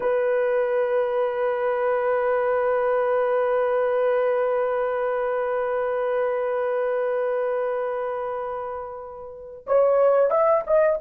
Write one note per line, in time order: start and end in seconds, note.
0.00 9.65 B4
9.66 10.30 C#5
10.30 10.63 E5
10.66 11.00 D#5